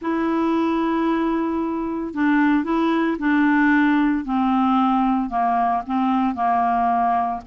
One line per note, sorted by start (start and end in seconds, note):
0.01 2.14 E4
2.14 2.64 D4
2.64 3.17 E4
3.19 4.25 D4
4.25 5.29 C4
5.29 5.82 A#3
5.86 6.34 C4
6.34 7.40 A#3